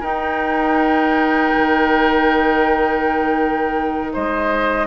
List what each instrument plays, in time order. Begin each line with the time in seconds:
0.00 bassoon D#4, clarinet D#4, oboe A#4, flute G5
1.55 bassoon D#3
4.13 bassoon G#3, oboe C5, flute D#5